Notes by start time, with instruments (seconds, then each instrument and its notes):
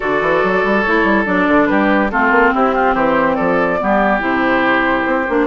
0.00 bassoon D3, clarinet F#4, oboe A4, flute D5
0.21 bassoon E3
0.43 bassoon F#3
0.63 bassoon G3
0.81 bassoon A3, clarinet E4, flute C#5
1.03 bassoon G3
1.25 bassoon F#3, clarinet D4, flute D5
1.48 bassoon D3
1.66 bassoon G3, oboe G4, flute B4
2.10 bassoon A3, clarinet C4, oboe F4, flute A4
2.30 bassoon A#3
2.54 bassoon C4, oboe E4, flute G4
2.74 oboe F4
2.94 bassoon E3, oboe G4, flute C5
3.35 bassoon F3, oboe A4, flute D5
3.79 bassoon G3, clarinet B3, oboe G4
4.20 bassoon C3, clarinet E4, flute C5
5.06 bassoon C4
5.28 bassoon A#3, clarinet D4